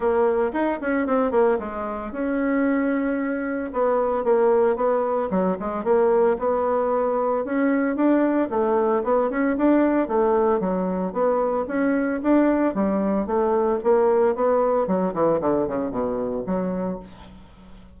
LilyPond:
\new Staff \with { instrumentName = "bassoon" } { \time 4/4 \tempo 4 = 113 ais4 dis'8 cis'8 c'8 ais8 gis4 | cis'2. b4 | ais4 b4 fis8 gis8 ais4 | b2 cis'4 d'4 |
a4 b8 cis'8 d'4 a4 | fis4 b4 cis'4 d'4 | g4 a4 ais4 b4 | fis8 e8 d8 cis8 b,4 fis4 | }